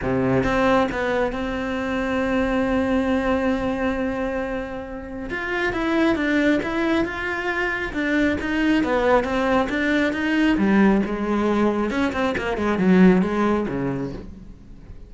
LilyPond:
\new Staff \with { instrumentName = "cello" } { \time 4/4 \tempo 4 = 136 c4 c'4 b4 c'4~ | c'1~ | c'1 | f'4 e'4 d'4 e'4 |
f'2 d'4 dis'4 | b4 c'4 d'4 dis'4 | g4 gis2 cis'8 c'8 | ais8 gis8 fis4 gis4 cis4 | }